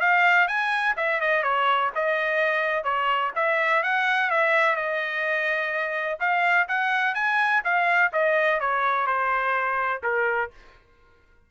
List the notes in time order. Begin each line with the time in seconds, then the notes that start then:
0.00 F5
0.47 G#5
0.96 E5
1.20 D#5
1.43 C#5
1.95 D#5
2.83 C#5
3.35 E5
3.82 F#5
4.30 E5
4.76 D#5
6.20 F5
6.68 F#5
7.15 G#5
7.64 F5
8.12 D#5
8.60 C#5
9.06 C5
10.03 A#4